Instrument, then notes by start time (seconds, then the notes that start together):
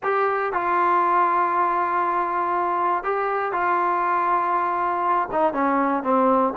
trombone
0.03 G4
0.52 F4
3.03 G4
3.52 F4
5.31 D#4
5.53 C#4
6.03 C4